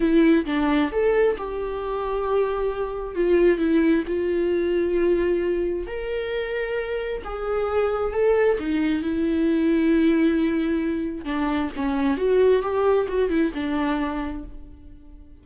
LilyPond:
\new Staff \with { instrumentName = "viola" } { \time 4/4 \tempo 4 = 133 e'4 d'4 a'4 g'4~ | g'2. f'4 | e'4 f'2.~ | f'4 ais'2. |
gis'2 a'4 dis'4 | e'1~ | e'4 d'4 cis'4 fis'4 | g'4 fis'8 e'8 d'2 | }